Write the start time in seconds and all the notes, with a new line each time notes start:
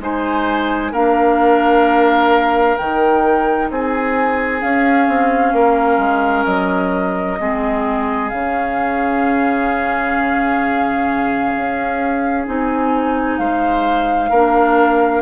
0.00 G#3 D#4 C5 G#5
0.92 A#3 D4 A#4 F5
2.77 D#3 D#4 G5
3.70 C4 G#4 G#5
4.61 C#4 F5
5.08 C4
5.53 A#3 A#4
5.97 G#3
6.45 F#3 D#5
7.39 G#3 C4 G#4
8.29 C#3 C#4 F5
11.55 C#4
12.46 C4 D#4 G#5
13.38 G#3 C5 F5
14.29 A#3 D4 A#4